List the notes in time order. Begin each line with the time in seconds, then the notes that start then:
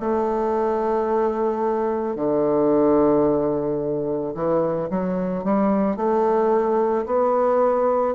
0.00 A3
2.16 D3
4.34 E3
4.90 F#3
5.44 G3
5.97 A3
7.06 B3